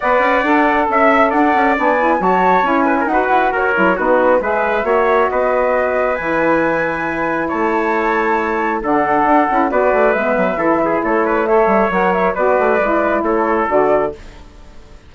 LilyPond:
<<
  \new Staff \with { instrumentName = "flute" } { \time 4/4 \tempo 4 = 136 fis''2 e''4 fis''4 | gis''4 a''4 gis''4 fis''4 | cis''4 b'4 e''2 | dis''2 gis''2~ |
gis''4 a''2. | fis''2 d''4 e''4~ | e''4 cis''4 e''4 fis''8 e''8 | d''2 cis''4 d''4 | }
  \new Staff \with { instrumentName = "trumpet" } { \time 4/4 d''2 e''4 d''4~ | d''4 cis''4. b'16 ais'16 b'4 | ais'4 fis'4 b'4 cis''4 | b'1~ |
b'4 cis''2. | a'2 b'2 | a'8 gis'8 a'8 b'8 cis''2 | b'2 a'2 | }
  \new Staff \with { instrumentName = "saxophone" } { \time 4/4 b'4 a'2. | d'8 e'8 fis'4 e'4 fis'4~ | fis'8 e'8 dis'4 gis'4 fis'4~ | fis'2 e'2~ |
e'1 | d'4. e'8 fis'4 b4 | e'2 a'4 ais'4 | fis'4 e'2 fis'4 | }
  \new Staff \with { instrumentName = "bassoon" } { \time 4/4 b8 cis'8 d'4 cis'4 d'8 cis'8 | b4 fis4 cis'4 dis'8 e'8 | fis'8 fis8 b4 gis4 ais4 | b2 e2~ |
e4 a2. | d4 d'8 cis'8 b8 a8 gis8 fis8 | e4 a4. g8 fis4 | b8 a8 gis4 a4 d4 | }
>>